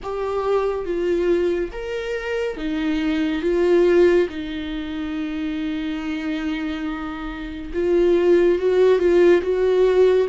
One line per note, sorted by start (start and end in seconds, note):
0.02 0.85 G4
0.85 1.71 F4
1.71 2.56 A#4
2.56 3.42 D#4
3.42 4.27 F4
4.29 7.72 D#4
7.73 8.58 F4
8.58 8.98 F#4
8.98 9.41 F4
9.42 10.27 F#4